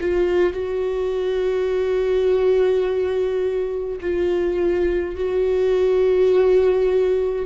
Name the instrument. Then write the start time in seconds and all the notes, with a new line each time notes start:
viola
0.00 F4
0.53 F#4
4.00 F4
5.15 F#4